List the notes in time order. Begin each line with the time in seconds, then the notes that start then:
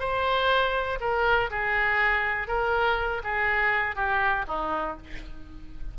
0.00 C5
1.01 A#4
1.51 G#4
2.48 A#4
3.24 G#4
3.96 G4
4.48 D#4